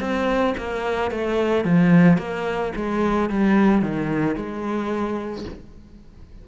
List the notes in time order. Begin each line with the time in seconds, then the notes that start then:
0.00 C4
0.57 A#3
1.11 A3
1.64 F3
2.18 A#3
2.76 G#3
3.30 G3
3.82 D#3
4.35 G#3